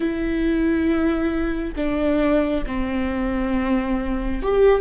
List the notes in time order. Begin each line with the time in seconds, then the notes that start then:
0.00 E4
1.76 D4
2.66 C4
4.42 G4